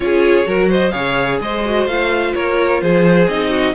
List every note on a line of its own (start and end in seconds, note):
0.00 0.45 C#4
0.00 0.44 F4
0.00 0.47 G#4
0.00 0.69 C#5
0.44 0.93 F#3
0.44 0.90 F#4
0.44 0.69 A#4
0.69 0.92 C5
0.69 0.91 D#5
0.91 1.40 C#3
0.91 1.61 G#4
0.91 1.39 C#5
0.91 1.37 F5
1.40 1.86 G#3
1.40 2.34 C5
1.40 1.87 D#5
1.65 1.88 F#4
1.86 2.32 A3
1.86 3.29 F4
1.86 2.34 F5
2.34 2.82 A#3
2.34 2.81 A#4
2.34 2.81 C#5
2.81 3.27 F3
2.81 3.50 G#4
2.81 3.28 C5
3.27 3.74 C4
3.27 3.74 D#4
3.27 3.74 D#5
3.50 3.73 F#4